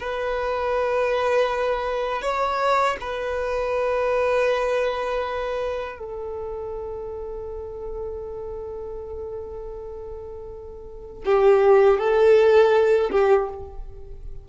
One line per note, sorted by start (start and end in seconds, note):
0.00 2.22 B4
2.22 2.97 C#5
3.00 5.99 B4
5.99 11.24 A4
11.25 11.98 G4
11.98 13.11 A4
13.11 13.49 G4